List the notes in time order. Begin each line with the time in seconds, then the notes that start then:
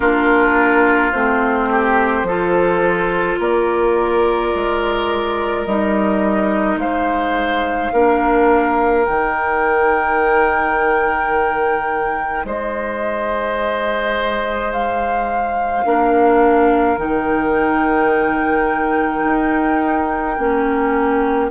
0.00 A#3 D4 F4 A#4
1.12 A3 C4 C5
1.70 G4
2.23 F3 F4 A4
3.39 A#3 A#4 D5
4.54 G#3
5.65 G3 D#4 D#5
6.76 G#3 C5 F5
7.92 A#3 D4 A#4
9.05 D#3 D#4 G5
12.44 G#3 C5 D#5
14.72 F5
15.84 A#3 D4 A#4
16.97 D#3 D#4 G5
19.24 D#4
20.37 A#3 C#4